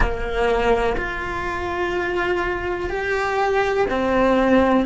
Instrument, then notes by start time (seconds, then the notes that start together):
cello
0.00 A#3
0.97 F4
2.89 G4
3.89 C4